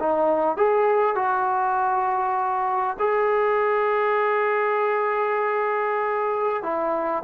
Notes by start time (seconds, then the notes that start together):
0.00 D#4
0.57 G#4
1.15 F#4
2.99 G#4
6.63 E4